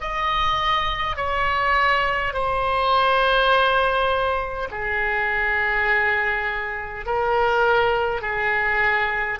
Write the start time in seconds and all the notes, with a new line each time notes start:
0.00 D#5
1.16 C#5
2.33 C5
4.71 G#4
7.05 A#4
8.21 G#4